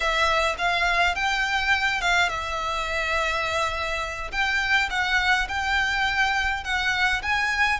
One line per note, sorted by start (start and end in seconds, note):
0.00 0.55 E5
0.57 1.15 F5
1.15 2.01 G5
2.01 2.29 F5
2.29 4.31 E5
4.31 4.89 G5
4.90 5.47 F#5
5.48 6.63 G5
6.63 7.21 F#5
7.22 7.79 G#5